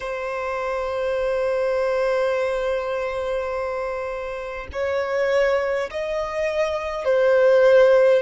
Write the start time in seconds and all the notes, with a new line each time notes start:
0.00 C5
4.72 C#5
5.90 D#5
7.04 C5